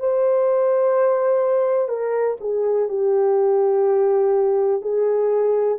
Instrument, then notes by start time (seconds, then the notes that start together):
horn
0.00 C5
1.89 A#4
2.41 G#4
2.89 G4
4.82 G#4